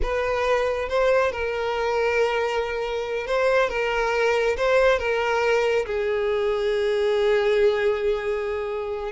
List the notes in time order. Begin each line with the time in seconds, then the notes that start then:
0.02 B4
0.88 C5
1.32 A#4
3.26 C5
3.69 A#4
4.56 C5
4.98 A#4
5.86 G#4